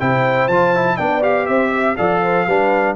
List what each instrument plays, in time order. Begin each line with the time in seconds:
0.00 tuba C3, trombone E4, horn C5, trumpet G5
0.48 tuba F3, trombone F4, trumpet A5
0.75 trombone E4
0.97 tuba B3, trombone D4, horn D5, trumpet G5
1.22 trombone G4, trumpet F5
1.47 tuba C4, horn C5, trumpet E5
1.70 horn E5
1.97 tuba F3, trombone A4, horn D5, trumpet F5
2.23 horn C5
2.47 tuba G3, trombone D4, horn B4